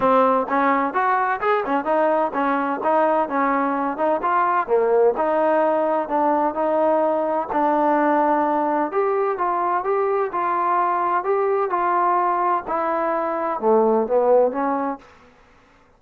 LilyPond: \new Staff \with { instrumentName = "trombone" } { \time 4/4 \tempo 4 = 128 c'4 cis'4 fis'4 gis'8 cis'8 | dis'4 cis'4 dis'4 cis'4~ | cis'8 dis'8 f'4 ais4 dis'4~ | dis'4 d'4 dis'2 |
d'2. g'4 | f'4 g'4 f'2 | g'4 f'2 e'4~ | e'4 a4 b4 cis'4 | }